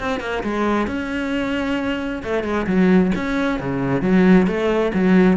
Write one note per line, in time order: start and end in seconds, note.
0.00 0.21 C4
0.21 0.43 A#3
0.44 0.88 G#3
0.88 2.23 C#4
2.24 2.44 A3
2.44 2.67 G#3
2.67 3.12 F#3
3.16 3.60 C#4
3.60 4.03 C#3
4.03 4.47 F#3
4.47 4.93 A3
4.95 5.38 F#3